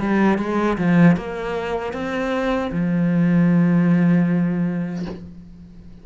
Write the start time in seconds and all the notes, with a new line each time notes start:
0.00 G3
0.38 G#3
0.78 F3
1.17 A#3
1.93 C4
2.72 F3